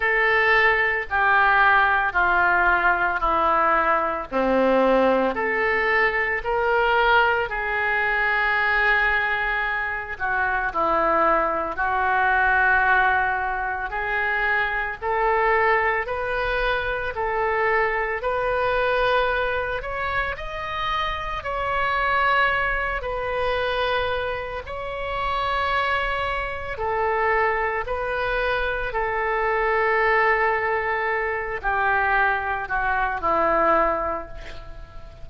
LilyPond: \new Staff \with { instrumentName = "oboe" } { \time 4/4 \tempo 4 = 56 a'4 g'4 f'4 e'4 | c'4 a'4 ais'4 gis'4~ | gis'4. fis'8 e'4 fis'4~ | fis'4 gis'4 a'4 b'4 |
a'4 b'4. cis''8 dis''4 | cis''4. b'4. cis''4~ | cis''4 a'4 b'4 a'4~ | a'4. g'4 fis'8 e'4 | }